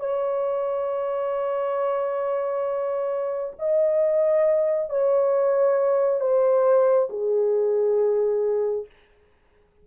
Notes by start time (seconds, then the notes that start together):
0.00 C#5
3.59 D#5
4.90 C#5
6.21 C5
7.10 G#4